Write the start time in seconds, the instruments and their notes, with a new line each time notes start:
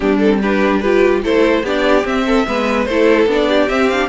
0.00 cello G3, viola B3, violin D4 G4
0.18 viola C4, violin A4
0.41 viola D4, violin G4 B4
0.79 viola F4, violin G4 B4
1.23 cello A3, viola E4, violin A4 C5
1.62 cello B3, viola D4, violin G4 D5
2.03 viola C4, cello C4, violin E5
2.26 violin A4
2.46 cello G#3, viola B3, violin B4
2.85 cello A3, viola E4, violin A4 C5
3.26 cello B3, viola D4, violin D5
3.48 violin G4
3.68 viola C4, cello C4, violin E5
3.88 viola D4, violin F5